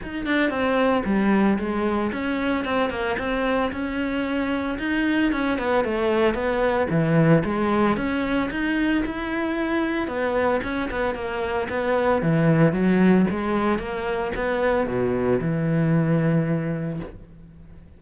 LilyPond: \new Staff \with { instrumentName = "cello" } { \time 4/4 \tempo 4 = 113 dis'8 d'8 c'4 g4 gis4 | cis'4 c'8 ais8 c'4 cis'4~ | cis'4 dis'4 cis'8 b8 a4 | b4 e4 gis4 cis'4 |
dis'4 e'2 b4 | cis'8 b8 ais4 b4 e4 | fis4 gis4 ais4 b4 | b,4 e2. | }